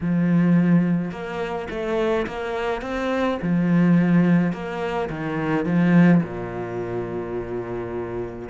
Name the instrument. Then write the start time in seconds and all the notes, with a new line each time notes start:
cello
0.01 F3
1.11 A#3
1.70 A3
2.26 A#3
2.81 C4
3.41 F3
4.52 A#3
5.09 D#3
5.65 F3
6.23 A#2